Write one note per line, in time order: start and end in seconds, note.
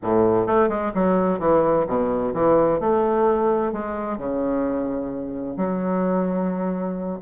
0.02 0.46 A2
0.46 0.68 A3
0.68 0.92 G#3
0.94 1.39 F#3
1.39 1.85 E3
1.87 2.33 B2
2.34 2.80 E3
2.80 3.72 A3
3.72 4.17 G#3
4.17 5.56 C#3
5.56 7.19 F#3